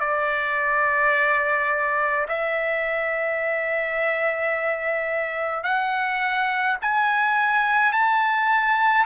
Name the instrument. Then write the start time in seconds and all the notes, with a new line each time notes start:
trumpet
0.00 D5
2.28 E5
5.63 F#5
6.82 G#5
7.92 A5